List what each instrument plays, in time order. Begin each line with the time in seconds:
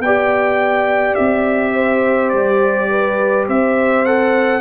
0.00 tuba B3, horn D5, trumpet G5
0.06 trombone G4
1.15 tuba C4, trumpet E5
1.74 horn C5
2.30 tuba G3, trumpet D5
2.90 horn B4
3.48 tuba C4, horn C5, trumpet E5
4.06 trombone A4, trumpet F#5